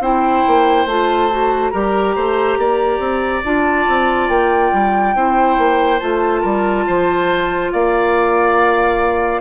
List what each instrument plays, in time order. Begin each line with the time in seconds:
0.00 bassoon C4, clarinet E4, oboe C5, flute G5
0.47 bassoon A#3
0.86 bassoon A3, clarinet F4, flute A5
1.31 clarinet F#4
1.71 bassoon G3, clarinet G4, oboe A#4, flute A#5
2.16 bassoon A3, oboe C5
2.58 bassoon A#3, oboe D5
2.99 bassoon C4
3.45 bassoon D4, clarinet F4, flute A5
3.88 bassoon C4
4.29 bassoon A#3, flute G5
4.73 bassoon G3
5.15 bassoon C4, clarinet E4, oboe C5
5.58 bassoon A#3
6.00 bassoon A3, clarinet F4, flute A5
6.41 bassoon G3, oboe A#4
6.87 bassoon F3, oboe C5
7.72 bassoon A#3, oboe D5, flute F5